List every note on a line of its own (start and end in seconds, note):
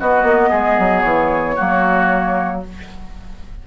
0.00 0.23 B3
0.00 1.57 B3
0.00 0.50 F#4
0.00 1.01 D#5
0.23 0.50 A#3
0.50 0.79 G#3
0.50 1.56 G#4
0.79 1.04 F#3
1.01 1.57 E3
1.01 2.60 C#5
1.56 2.67 F#3
1.56 2.64 A#3
1.56 2.62 F#4